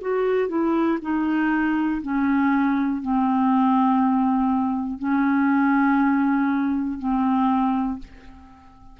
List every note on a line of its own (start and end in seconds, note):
0.00 0.48 F#4
0.48 0.98 E4
1.01 2.01 D#4
2.02 3.01 C#4
3.01 4.98 C4
4.98 6.98 C#4
6.98 7.98 C4